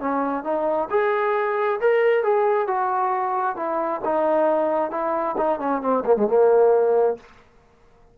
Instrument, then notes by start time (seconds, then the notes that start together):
trombone
0.00 C#4
0.44 D#4
0.90 G#4
1.81 A#4
2.24 G#4
2.68 F#4
3.56 E4
4.05 D#4
4.91 E4
5.38 D#4
5.59 C#4
5.81 C4
6.05 A#3
6.16 G#3
6.27 A#3